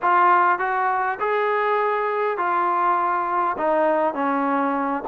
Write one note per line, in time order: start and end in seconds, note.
0.01 0.59 F4
0.59 1.18 F#4
1.19 2.37 G#4
2.37 3.56 F4
3.57 4.14 D#4
4.14 5.03 C#4